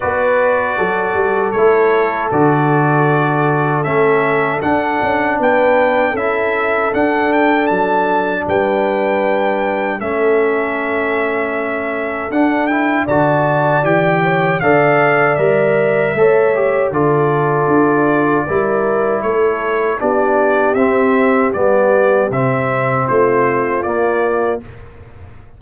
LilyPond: <<
  \new Staff \with { instrumentName = "trumpet" } { \time 4/4 \tempo 4 = 78 d''2 cis''4 d''4~ | d''4 e''4 fis''4 g''4 | e''4 fis''8 g''8 a''4 g''4~ | g''4 e''2. |
fis''8 g''8 a''4 g''4 f''4 | e''2 d''2~ | d''4 cis''4 d''4 e''4 | d''4 e''4 c''4 d''4 | }
  \new Staff \with { instrumentName = "horn" } { \time 4/4 b'4 a'2.~ | a'2. b'4 | a'2. b'4~ | b'4 a'2.~ |
a'4 d''4. cis''8 d''4~ | d''4 cis''4 a'2 | ais'4 a'4 g'2~ | g'2 f'2 | }
  \new Staff \with { instrumentName = "trombone" } { \time 4/4 fis'2 e'4 fis'4~ | fis'4 cis'4 d'2 | e'4 d'2.~ | d'4 cis'2. |
d'8 e'8 fis'4 g'4 a'4 | ais'4 a'8 g'8 f'2 | e'2 d'4 c'4 | b4 c'2 ais4 | }
  \new Staff \with { instrumentName = "tuba" } { \time 4/4 b4 fis8 g8 a4 d4~ | d4 a4 d'8 cis'8 b4 | cis'4 d'4 fis4 g4~ | g4 a2. |
d'4 d4 e4 d4 | g4 a4 d4 d'4 | g4 a4 b4 c'4 | g4 c4 a4 ais4 | }
>>